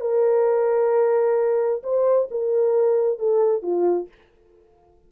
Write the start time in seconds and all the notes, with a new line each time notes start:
0.00 A#4
1.83 C5
2.31 A#4
3.19 A4
3.62 F4